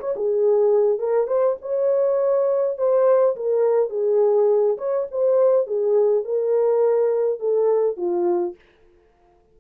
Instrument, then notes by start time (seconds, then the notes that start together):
horn
0.00 C#5
0.16 G#4
0.99 A#4
1.28 C5
1.62 C#5
2.78 C5
3.36 A#4
3.90 G#4
4.78 C#5
5.11 C5
5.67 G#4
6.25 A#4
7.40 A4
7.97 F4